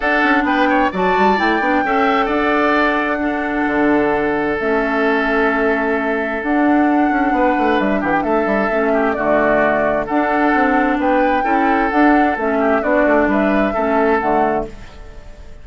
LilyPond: <<
  \new Staff \with { instrumentName = "flute" } { \time 4/4 \tempo 4 = 131 fis''4 g''4 a''4 g''4~ | g''4 fis''2.~ | fis''2 e''2~ | e''2 fis''2~ |
fis''4 e''8 fis''16 g''16 e''2 | d''2 fis''2 | g''2 fis''4 e''4 | d''4 e''2 fis''4 | }
  \new Staff \with { instrumentName = "oboe" } { \time 4/4 a'4 b'8 cis''8 d''2 | e''4 d''2 a'4~ | a'1~ | a'1 |
b'4. g'8 a'4. g'8 | fis'2 a'2 | b'4 a'2~ a'8 g'8 | fis'4 b'4 a'2 | }
  \new Staff \with { instrumentName = "clarinet" } { \time 4/4 d'2 fis'4 e'8 d'8 | a'2. d'4~ | d'2 cis'2~ | cis'2 d'2~ |
d'2. cis'4 | a2 d'2~ | d'4 e'4 d'4 cis'4 | d'2 cis'4 a4 | }
  \new Staff \with { instrumentName = "bassoon" } { \time 4/4 d'8 cis'8 b4 fis8 g8 a8 b8 | cis'4 d'2. | d2 a2~ | a2 d'4. cis'8 |
b8 a8 g8 e8 a8 g8 a4 | d2 d'4 c'4 | b4 cis'4 d'4 a4 | b8 a8 g4 a4 d4 | }
>>